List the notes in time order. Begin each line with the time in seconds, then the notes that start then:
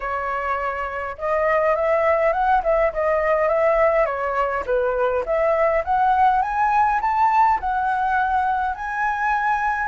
0.00 C#5
1.18 D#5
1.75 E5
2.32 F#5
2.63 E5
2.93 D#5
3.48 E5
4.05 C#5
4.66 B4
5.25 E5
5.84 F#5
6.42 G#5
7.01 A5
7.60 F#5
8.75 G#5